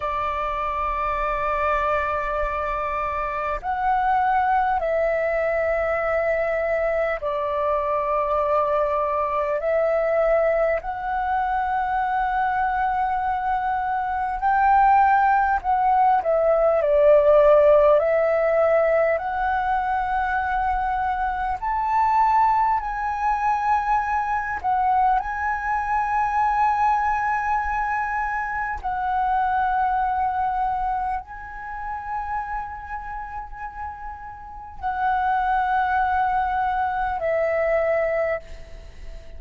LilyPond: \new Staff \with { instrumentName = "flute" } { \time 4/4 \tempo 4 = 50 d''2. fis''4 | e''2 d''2 | e''4 fis''2. | g''4 fis''8 e''8 d''4 e''4 |
fis''2 a''4 gis''4~ | gis''8 fis''8 gis''2. | fis''2 gis''2~ | gis''4 fis''2 e''4 | }